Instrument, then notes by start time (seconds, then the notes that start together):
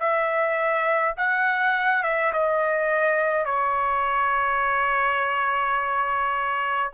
trumpet
0.00 E5
1.17 F#5
2.03 E5
2.33 D#5
3.46 C#5